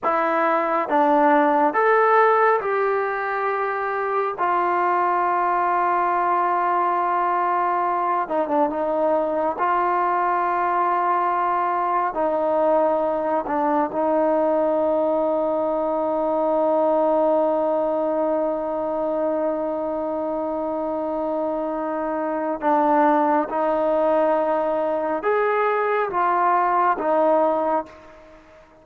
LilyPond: \new Staff \with { instrumentName = "trombone" } { \time 4/4 \tempo 4 = 69 e'4 d'4 a'4 g'4~ | g'4 f'2.~ | f'4. dis'16 d'16 dis'4 f'4~ | f'2 dis'4. d'8 |
dis'1~ | dis'1~ | dis'2 d'4 dis'4~ | dis'4 gis'4 f'4 dis'4 | }